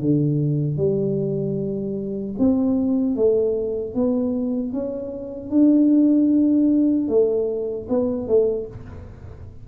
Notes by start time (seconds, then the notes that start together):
0.00 D3
0.77 G3
2.39 C4
3.16 A3
3.94 B3
4.73 C#4
5.50 D4
7.08 A3
7.89 B3
8.28 A3